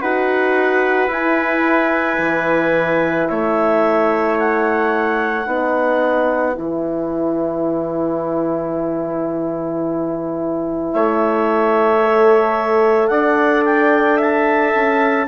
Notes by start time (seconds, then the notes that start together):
0.00 D#4 F#4 B4 F#5
1.07 E4 G#5
2.17 E3
3.27 A3 C#5 E5
4.38 F#5
5.45 B3 D#4 B4
6.53 E3 E4 G#5
10.92 A3 C#5 E5
12.02 A4
13.07 D4 D5 F#5
13.65 G5
14.17 E5 A5
14.74 C#4